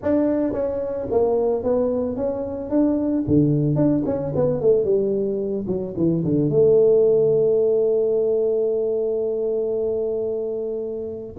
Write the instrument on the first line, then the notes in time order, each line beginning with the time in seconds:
tuba
0.02 D4
0.53 C#4
1.11 A#3
1.63 B3
2.16 C#4
2.70 D4
3.27 D3
3.75 D4
4.05 C#4
4.35 B3
4.60 A3
4.84 G3
5.67 F#3
5.96 E3
6.24 D3
6.49 A3